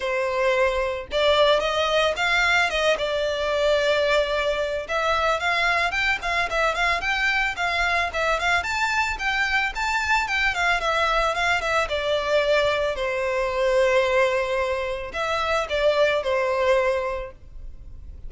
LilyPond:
\new Staff \with { instrumentName = "violin" } { \time 4/4 \tempo 4 = 111 c''2 d''4 dis''4 | f''4 dis''8 d''2~ d''8~ | d''4 e''4 f''4 g''8 f''8 | e''8 f''8 g''4 f''4 e''8 f''8 |
a''4 g''4 a''4 g''8 f''8 | e''4 f''8 e''8 d''2 | c''1 | e''4 d''4 c''2 | }